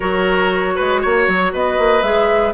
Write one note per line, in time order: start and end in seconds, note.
0.00 0.78 F#3
0.00 2.03 F#4
0.00 0.74 A#4
0.00 1.52 C#5
0.75 1.04 G#3
0.75 1.00 B4
1.02 1.27 A#3
1.02 1.52 C#5
1.27 1.52 F#3
1.52 1.78 B3
1.52 2.53 B4
1.52 2.02 D#5
1.78 2.02 A#3
2.02 2.53 G#3
2.02 2.53 G#4
2.02 2.53 E5